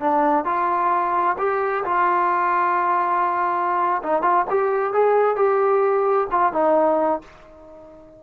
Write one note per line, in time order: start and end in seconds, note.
0.00 0.45 D4
0.45 1.37 F4
1.38 1.84 G4
1.84 4.02 F4
4.03 4.22 D#4
4.22 4.45 F4
4.50 4.93 G4
4.93 5.36 G#4
5.36 6.28 G4
6.31 6.53 F4
6.53 7.21 D#4